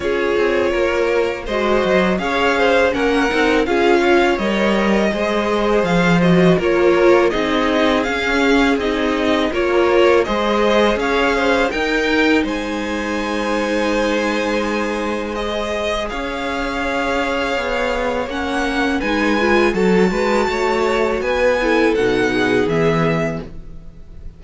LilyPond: <<
  \new Staff \with { instrumentName = "violin" } { \time 4/4 \tempo 4 = 82 cis''2 dis''4 f''4 | fis''4 f''4 dis''2 | f''8 dis''8 cis''4 dis''4 f''4 | dis''4 cis''4 dis''4 f''4 |
g''4 gis''2.~ | gis''4 dis''4 f''2~ | f''4 fis''4 gis''4 a''4~ | a''4 gis''4 fis''4 e''4 | }
  \new Staff \with { instrumentName = "violin" } { \time 4/4 gis'4 ais'4 c''4 cis''8 c''8 | ais'4 gis'8 cis''4. c''4~ | c''4 ais'4 gis'2~ | gis'4 ais'4 c''4 cis''8 c''8 |
ais'4 c''2.~ | c''2 cis''2~ | cis''2 b'4 a'8 b'8 | cis''4 b'8 a'4 gis'4. | }
  \new Staff \with { instrumentName = "viola" } { \time 4/4 f'2 fis'4 gis'4 | cis'8 dis'8 f'4 ais'4 gis'4~ | gis'8 fis'8 f'4 dis'4 cis'4 | dis'4 f'4 gis'2 |
dis'1~ | dis'4 gis'2.~ | gis'4 cis'4 dis'8 f'8 fis'4~ | fis'4. e'8 dis'4 b4 | }
  \new Staff \with { instrumentName = "cello" } { \time 4/4 cis'8 c'8 ais4 gis8 fis8 cis'4 | ais8 c'8 cis'4 g4 gis4 | f4 ais4 c'4 cis'4 | c'4 ais4 gis4 cis'4 |
dis'4 gis2.~ | gis2 cis'2 | b4 ais4 gis4 fis8 gis8 | a4 b4 b,4 e4 | }
>>